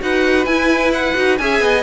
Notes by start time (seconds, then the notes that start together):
0.00 D#4 F#4 B4 F#5
0.45 E4 G#5
0.93 F#5
1.15 D#4 F#4
1.38 C#4 G#4 E5 G#5
1.61 B3 D#5